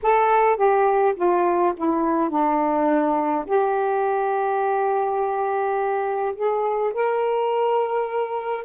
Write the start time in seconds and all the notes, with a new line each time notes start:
0.02 A4
0.56 G4
1.15 F4
1.76 E4
2.29 D4
3.46 G4
6.35 G#4
6.93 A#4